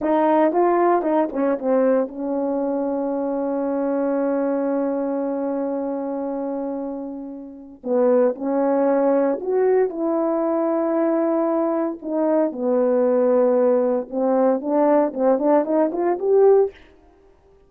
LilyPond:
\new Staff \with { instrumentName = "horn" } { \time 4/4 \tempo 4 = 115 dis'4 f'4 dis'8 cis'8 c'4 | cis'1~ | cis'1~ | cis'2. b4 |
cis'2 fis'4 e'4~ | e'2. dis'4 | b2. c'4 | d'4 c'8 d'8 dis'8 f'8 g'4 | }